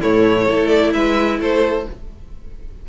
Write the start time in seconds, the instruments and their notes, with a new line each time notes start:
0.00 cello A2, viola A3, violin E4 C#5
0.45 cello A3, viola E4, violin A4
0.68 violin D5
0.93 cello G#3, violin B4 E5
1.39 cello A3, violin A4 C5